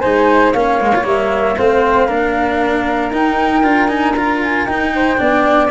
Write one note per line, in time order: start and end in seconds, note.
0.00 0.54 G#3
0.00 0.55 D#4
0.00 0.53 C5
0.00 0.52 G#5
0.53 1.05 A#3
0.53 0.81 C#4
0.53 1.56 C#5
0.53 1.05 F5
0.81 0.94 G#3
0.95 1.04 F4
1.04 1.56 G3
1.04 1.56 A#3
1.04 1.58 E5
1.57 2.09 A3
1.57 2.08 C4
1.57 2.07 C5
1.57 3.13 F5
2.07 3.11 A#3
2.07 3.12 D4
2.07 4.91 A#4
3.11 3.62 D#4
3.11 3.63 D#4
3.11 3.88 G5
3.62 4.66 D4
3.62 3.88 F4
3.88 4.14 D#4
3.88 4.13 G#5
4.13 4.68 F4
4.13 4.39 A#5
4.43 4.66 G#5
4.66 5.19 D#4
4.66 5.18 D#4
4.66 5.69 G5
4.95 5.20 C5
5.18 5.71 B3
5.18 5.69 D4
5.18 5.71 D5